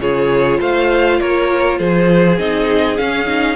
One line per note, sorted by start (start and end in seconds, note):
0.00 0.59 C#3
0.00 2.38 F4
0.00 0.61 G#4
0.00 0.61 C#5
0.61 1.20 A3
0.61 1.20 C5
0.61 1.20 F5
1.20 1.80 A#3
1.20 1.79 A#4
1.20 1.79 C#5
1.79 2.39 F3
1.79 3.56 G#4
1.79 2.39 C5
2.38 2.99 C4
2.38 2.98 D#4
2.38 2.98 D#5
2.98 3.27 C#4
2.98 3.56 C#4
2.98 3.56 F5
3.27 3.56 D#4